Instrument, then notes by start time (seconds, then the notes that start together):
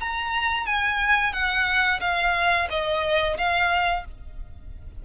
violin
0.00 A#5
0.66 G#5
1.33 F#5
2.00 F5
2.70 D#5
3.37 F5